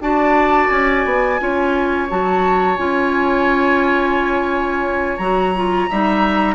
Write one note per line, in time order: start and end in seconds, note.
0.00 0.69 D4
0.00 1.40 F#4
0.00 1.41 D5
0.00 0.70 A5
0.70 1.05 C#4
0.70 2.08 G#5
1.05 1.40 B3
1.40 2.09 C#4
1.40 2.09 F4
1.40 5.90 C#5
2.10 2.78 F#3
2.10 2.78 F#4
2.10 2.77 A5
2.77 5.19 C#4
2.77 5.19 F4
2.77 5.18 G#5
5.18 5.88 F#3
5.18 5.55 F#4
5.18 6.55 A#5
5.56 5.90 F4
5.90 6.55 G3
5.90 6.55 D#4
5.90 6.55 E5